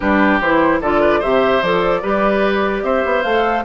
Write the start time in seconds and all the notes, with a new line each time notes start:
0.00 G3 D4 G4 B4
0.40 E3 E4 C5
0.81 D3 F4 A4 D5
1.01 B4
1.19 C3 G4 C5 E5
1.62 F3 A4 D5
2.02 G3 G4 B4
2.83 C4 C5 E5
3.05 B3
3.22 A3 A4 F5